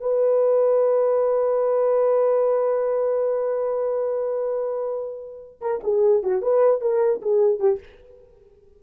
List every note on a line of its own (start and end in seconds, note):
0.00 5.60 B4
5.61 5.81 A#4
5.83 6.23 G#4
6.23 6.41 F#4
6.41 6.81 B4
6.81 7.21 A#4
7.21 7.59 G#4
7.59 7.79 G4